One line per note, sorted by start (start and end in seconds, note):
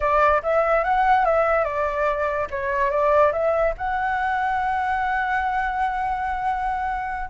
0.00 0.41 D5
0.42 0.84 E5
0.84 1.25 F#5
1.25 1.64 E5
1.64 2.47 D5
2.50 2.90 C#5
2.90 3.32 D5
3.32 3.74 E5
3.77 7.29 F#5